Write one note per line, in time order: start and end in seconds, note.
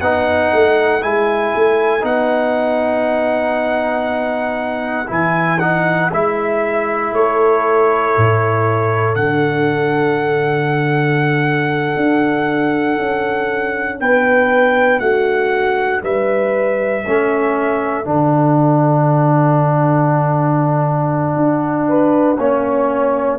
0.00 0.51 B3
0.00 1.01 D#4
0.00 7.12 B4
0.00 1.02 F#5
0.53 1.03 A3
1.01 1.54 G#3
1.01 2.00 E4
1.01 2.04 G#5
1.55 2.03 A3
2.00 5.08 B3
2.00 5.05 D#4
2.00 5.10 F#5
5.07 6.11 E3
5.07 5.58 E4
5.07 5.59 G#5
5.59 6.11 D#4
5.59 6.10 F#5
6.12 7.12 G#3
6.12 9.16 E4
6.12 7.14 E5
7.12 8.14 A3
7.12 14.00 A4
7.12 9.15 C#5
8.17 9.15 A2
9.15 11.95 D3
9.15 17.04 D4
9.15 13.98 F#5
11.96 12.98 D4
12.99 14.00 C#4
14.00 14.99 B3
14.00 15.00 B4
14.00 14.99 G5
14.99 16.01 A3
14.99 16.02 F#4
14.99 16.01 F#5
16.02 17.04 G3
16.02 17.05 B4
16.02 18.06 E5
17.05 18.06 A3
17.05 18.04 C#4
17.05 21.88 A4
18.04 21.36 D3
18.04 22.36 D4
18.04 23.38 F#5
21.36 22.37 D4
21.88 22.38 B4
22.37 23.38 A#3
22.37 23.38 C#4
22.37 23.38 C#5